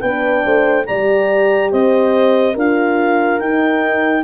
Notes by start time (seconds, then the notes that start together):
0.00 B3 D4 B4 G5
0.44 A3 C5
0.85 G3 G4 D5 A#5
1.71 C4 C5 D#5
2.53 D4 F4 A#4 F5
3.39 D#4 G5